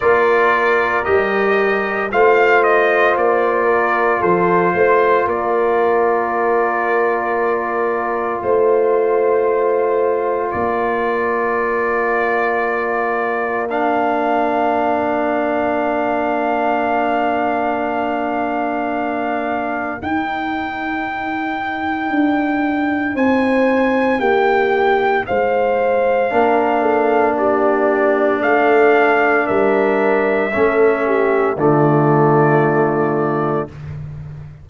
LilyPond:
<<
  \new Staff \with { instrumentName = "trumpet" } { \time 4/4 \tempo 4 = 57 d''4 dis''4 f''8 dis''8 d''4 | c''4 d''2. | c''2 d''2~ | d''4 f''2.~ |
f''2. g''4~ | g''2 gis''4 g''4 | f''2 d''4 f''4 | e''2 d''2 | }
  \new Staff \with { instrumentName = "horn" } { \time 4/4 ais'2 c''4. ais'8 | a'8 c''8 ais'2. | c''2 ais'2~ | ais'1~ |
ais'1~ | ais'2 c''4 g'4 | c''4 ais'8 a'8 g'4 a'4 | ais'4 a'8 g'8 f'2 | }
  \new Staff \with { instrumentName = "trombone" } { \time 4/4 f'4 g'4 f'2~ | f'1~ | f'1~ | f'4 d'2.~ |
d'2. dis'4~ | dis'1~ | dis'4 d'2.~ | d'4 cis'4 a2 | }
  \new Staff \with { instrumentName = "tuba" } { \time 4/4 ais4 g4 a4 ais4 | f8 a8 ais2. | a2 ais2~ | ais1~ |
ais2. dis'4~ | dis'4 d'4 c'4 ais4 | gis4 ais2 a4 | g4 a4 d2 | }
>>